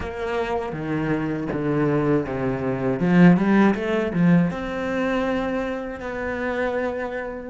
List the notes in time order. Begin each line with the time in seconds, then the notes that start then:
0.00 A#3
0.72 D#3
1.52 D3
2.26 C3
2.99 F3
3.36 G3
3.74 A3
4.13 F3
4.50 C4
6.00 B3